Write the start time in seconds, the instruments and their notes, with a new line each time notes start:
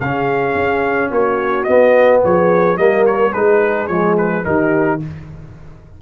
0.00 tuba C#3, trombone C#4, horn G#4, trumpet F5
0.55 tuba C#4
1.09 tuba A#3, horn F#4, trumpet C#5
1.64 trombone B3, tuba B3, trumpet D#5
2.23 tuba F3, horn G#4, trumpet C#5
2.77 tuba G3, trombone A#3, horn A#4, trumpet D#5
3.06 trumpet C#5
3.32 tuba G#3, trombone D#4, horn G#4, trumpet B4
3.87 tuba F3, trombone G#3, trumpet C#5
4.17 trumpet B4
4.44 tuba D#3, trombone D#4, horn G4, trumpet A#4